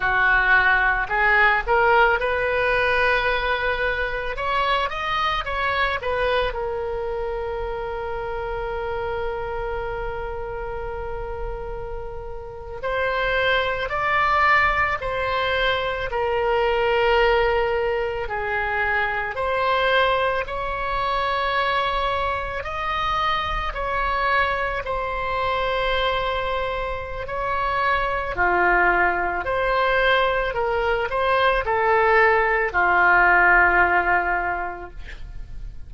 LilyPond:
\new Staff \with { instrumentName = "oboe" } { \time 4/4 \tempo 4 = 55 fis'4 gis'8 ais'8 b'2 | cis''8 dis''8 cis''8 b'8 ais'2~ | ais'2.~ ais'8. c''16~ | c''8. d''4 c''4 ais'4~ ais'16~ |
ais'8. gis'4 c''4 cis''4~ cis''16~ | cis''8. dis''4 cis''4 c''4~ c''16~ | c''4 cis''4 f'4 c''4 | ais'8 c''8 a'4 f'2 | }